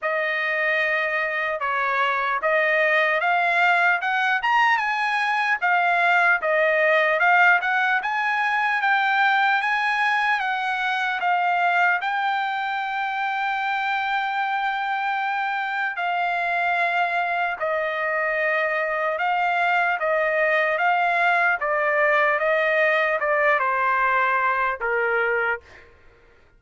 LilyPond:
\new Staff \with { instrumentName = "trumpet" } { \time 4/4 \tempo 4 = 75 dis''2 cis''4 dis''4 | f''4 fis''8 ais''8 gis''4 f''4 | dis''4 f''8 fis''8 gis''4 g''4 | gis''4 fis''4 f''4 g''4~ |
g''1 | f''2 dis''2 | f''4 dis''4 f''4 d''4 | dis''4 d''8 c''4. ais'4 | }